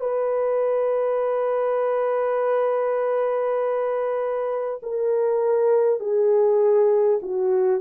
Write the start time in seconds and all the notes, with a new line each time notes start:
0.00 B4
4.82 A#4
5.99 G#4
7.22 F#4